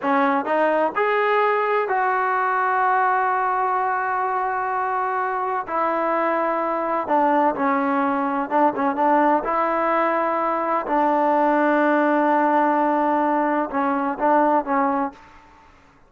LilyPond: \new Staff \with { instrumentName = "trombone" } { \time 4/4 \tempo 4 = 127 cis'4 dis'4 gis'2 | fis'1~ | fis'1 | e'2. d'4 |
cis'2 d'8 cis'8 d'4 | e'2. d'4~ | d'1~ | d'4 cis'4 d'4 cis'4 | }